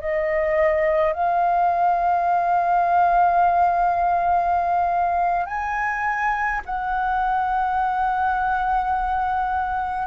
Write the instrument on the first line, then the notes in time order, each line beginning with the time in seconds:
flute
0.00 D#5
1.13 F5
5.46 G#5
6.65 F#5